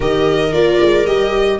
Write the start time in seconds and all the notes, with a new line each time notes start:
0.00 D#3 G4 A#4 D#5
0.52 A#3 F4 D5
0.81 G#3
1.06 G3 G4 D#5